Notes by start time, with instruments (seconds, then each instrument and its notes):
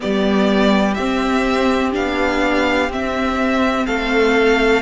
0.00 cello G3, viola B3, violin G4 D5
0.94 cello C4, viola C4, violin E5
1.92 cello B3, viola D4, violin F5
2.89 cello C4, viola C4, violin E5
3.86 cello A3, violin A4 F5